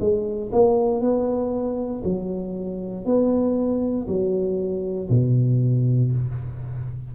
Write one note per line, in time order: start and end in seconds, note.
0.00 0.51 G#3
0.52 1.01 A#3
1.01 2.02 B3
2.04 3.05 F#3
3.05 4.07 B3
4.08 5.09 F#3
5.10 6.12 B2